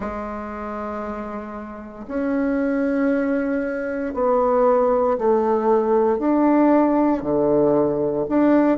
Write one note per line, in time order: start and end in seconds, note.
0.00 2.05 G#3
2.07 4.14 C#4
4.14 5.17 B3
5.18 6.18 A3
6.18 7.22 D4
7.22 8.26 D3
8.28 8.77 D4